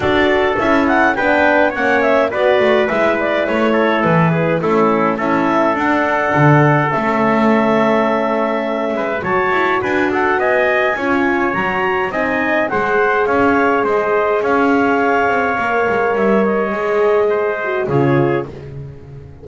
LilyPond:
<<
  \new Staff \with { instrumentName = "clarinet" } { \time 4/4 \tempo 4 = 104 d''4 e''8 fis''8 g''4 fis''8 e''8 | d''4 e''8 d''8 cis''4 b'4 | a'4 e''4 fis''2 | e''1 |
a''4 gis''8 fis''8 gis''2 | ais''4 gis''4 fis''4 f''4 | dis''4 f''2. | e''8 dis''2~ dis''8 cis''4 | }
  \new Staff \with { instrumentName = "trumpet" } { \time 4/4 a'2 b'4 cis''4 | b'2~ b'8 a'4 gis'8 | e'4 a'2.~ | a'2.~ a'8 b'8 |
cis''4 b'8 a'8 dis''4 cis''4~ | cis''4 dis''4 c''4 cis''4 | c''4 cis''2.~ | cis''2 c''4 gis'4 | }
  \new Staff \with { instrumentName = "horn" } { \time 4/4 fis'4 e'4 d'4 cis'4 | fis'4 e'2. | cis'4 e'4 d'2 | cis'1 |
fis'2. f'4 | fis'4 dis'4 gis'2~ | gis'2. ais'4~ | ais'4 gis'4. fis'8 f'4 | }
  \new Staff \with { instrumentName = "double bass" } { \time 4/4 d'4 cis'4 b4 ais4 | b8 a8 gis4 a4 e4 | a4 cis'4 d'4 d4 | a2.~ a8 gis8 |
fis8 e'8 d'4 b4 cis'4 | fis4 c'4 gis4 cis'4 | gis4 cis'4. c'8 ais8 gis8 | g4 gis2 cis4 | }
>>